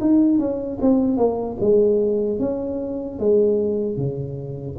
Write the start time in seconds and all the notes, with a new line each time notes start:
0.00 D#4
0.38 C#4
0.81 C4
1.17 A#3
1.60 G#3
2.39 C#4
3.19 G#3
3.97 C#3